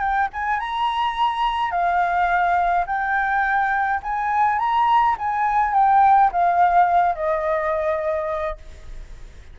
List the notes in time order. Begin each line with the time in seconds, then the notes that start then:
0.00 G5
0.34 G#5
0.60 A#5
1.71 F5
2.86 G5
4.03 G#5
4.59 A#5
5.19 G#5
5.74 G5
6.32 F5
7.15 D#5